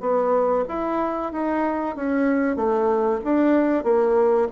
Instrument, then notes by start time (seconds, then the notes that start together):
bassoon
0.00 B3
0.68 E4
1.32 D#4
1.96 C#4
2.56 A3
3.24 D4
3.84 A#3